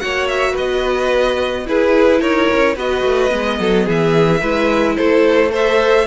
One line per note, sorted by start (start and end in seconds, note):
0.00 0.58 A#3
0.00 1.65 F#4
0.00 0.52 C#5
0.00 0.28 F#5
0.28 0.55 E5
0.52 1.62 B4
0.52 1.67 D#5
0.58 1.68 B3
1.65 2.75 E4
1.65 2.21 E4
1.65 2.20 G#4
1.65 2.21 B4
2.20 2.48 D#4
2.20 2.75 A#4
2.20 2.76 C#5
2.53 2.76 C#4
2.76 3.04 B3
2.76 3.28 F#4
2.76 3.58 B4
2.76 3.89 D#5
3.04 3.32 A3
3.28 3.60 G#3
3.28 4.39 B3
3.60 3.87 F#3
3.60 3.86 A4
3.86 4.42 E3
3.86 4.41 G#4
3.86 4.97 E5
4.41 4.97 G#3
4.41 5.51 E4
4.41 4.96 B4
4.97 6.07 A3
4.97 5.51 A4
4.97 5.52 C5
5.51 6.06 A4
5.51 6.07 C5
5.51 6.07 E5